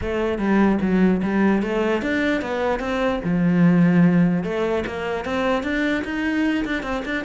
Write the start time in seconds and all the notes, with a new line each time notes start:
0.01 A3
0.38 G3
0.81 F#3
1.22 G3
1.62 A3
2.02 D4
2.41 B3
2.79 C4
3.23 F3
4.43 A3
4.86 A#3
5.24 C4
5.63 D4
6.04 D#4
6.65 D4
6.83 C4
7.05 D4